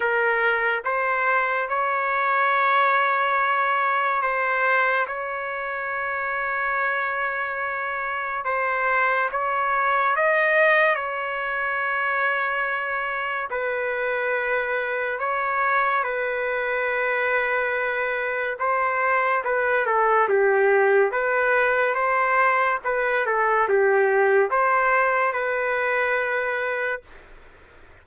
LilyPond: \new Staff \with { instrumentName = "trumpet" } { \time 4/4 \tempo 4 = 71 ais'4 c''4 cis''2~ | cis''4 c''4 cis''2~ | cis''2 c''4 cis''4 | dis''4 cis''2. |
b'2 cis''4 b'4~ | b'2 c''4 b'8 a'8 | g'4 b'4 c''4 b'8 a'8 | g'4 c''4 b'2 | }